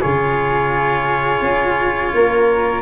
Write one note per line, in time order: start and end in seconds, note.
0.00 1.41 C#3
0.00 2.82 F4
0.00 2.12 G#4
0.00 2.82 C#5
1.41 2.12 C#4
2.14 2.82 A#3
2.14 2.82 A#4